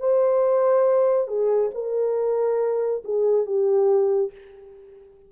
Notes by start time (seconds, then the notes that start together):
0.00 C5
1.27 G#4
1.75 A#4
3.04 G#4
3.46 G4